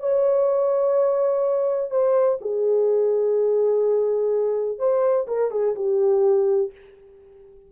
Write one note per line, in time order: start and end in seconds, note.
0.00 1.90 C#5
1.90 2.38 C5
2.41 4.79 G#4
4.79 5.27 C5
5.27 5.51 A#4
5.51 5.75 G#4
5.76 6.72 G4